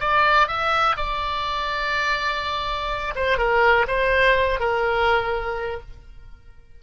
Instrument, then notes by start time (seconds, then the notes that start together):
oboe
0.00 D5
0.47 E5
0.96 D5
3.15 C5
3.38 A#4
3.87 C5
4.59 A#4